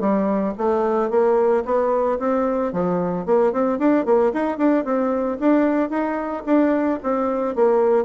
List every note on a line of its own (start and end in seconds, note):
0.00 0.54 G3
0.57 1.10 A3
1.10 1.64 A#3
1.65 2.18 B3
2.19 2.72 C4
2.72 3.25 F3
3.25 3.52 A#3
3.52 3.78 C4
3.78 4.05 D4
4.05 4.32 A#3
4.33 4.58 D#4
4.58 4.85 D4
4.85 5.38 C4
5.39 5.90 D4
5.90 6.43 D#4
6.46 6.99 D4
7.03 7.55 C4
7.55 8.05 A#3